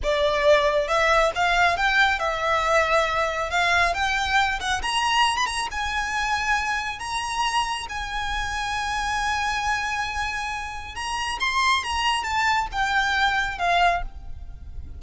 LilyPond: \new Staff \with { instrumentName = "violin" } { \time 4/4 \tempo 4 = 137 d''2 e''4 f''4 | g''4 e''2. | f''4 g''4. fis''8 ais''4~ | ais''16 b''16 ais''8 gis''2. |
ais''2 gis''2~ | gis''1~ | gis''4 ais''4 c'''4 ais''4 | a''4 g''2 f''4 | }